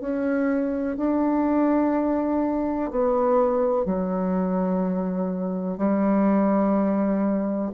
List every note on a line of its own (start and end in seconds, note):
0.00 0.97 C#4
0.97 2.90 D4
2.90 3.85 B3
3.85 5.78 F#3
5.78 7.72 G3